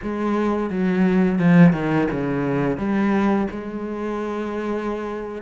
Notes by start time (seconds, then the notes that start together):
0.02 G#3
0.70 F#3
1.38 F3
1.73 D#3
2.11 C#3
2.77 G3
3.51 G#3